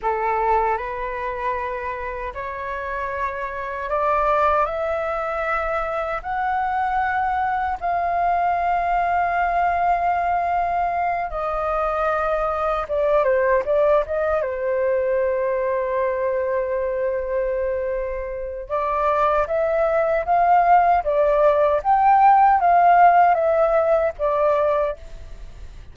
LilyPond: \new Staff \with { instrumentName = "flute" } { \time 4/4 \tempo 4 = 77 a'4 b'2 cis''4~ | cis''4 d''4 e''2 | fis''2 f''2~ | f''2~ f''8 dis''4.~ |
dis''8 d''8 c''8 d''8 dis''8 c''4.~ | c''1 | d''4 e''4 f''4 d''4 | g''4 f''4 e''4 d''4 | }